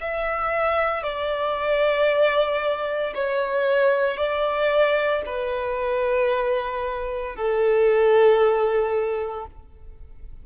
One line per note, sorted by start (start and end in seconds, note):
0.00 1.03 E5
1.03 3.13 D5
3.14 4.16 C#5
4.16 5.22 D5
5.25 7.35 B4
7.35 9.46 A4